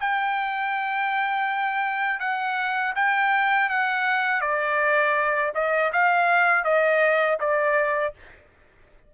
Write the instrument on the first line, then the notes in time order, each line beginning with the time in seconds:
trumpet
0.00 G5
2.20 F#5
2.95 G5
3.69 F#5
4.41 D5
5.55 D#5
5.93 F5
6.64 D#5
7.40 D5